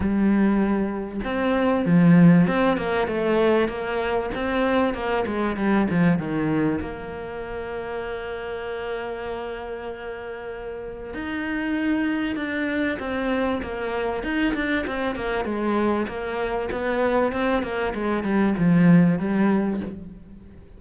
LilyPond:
\new Staff \with { instrumentName = "cello" } { \time 4/4 \tempo 4 = 97 g2 c'4 f4 | c'8 ais8 a4 ais4 c'4 | ais8 gis8 g8 f8 dis4 ais4~ | ais1~ |
ais2 dis'2 | d'4 c'4 ais4 dis'8 d'8 | c'8 ais8 gis4 ais4 b4 | c'8 ais8 gis8 g8 f4 g4 | }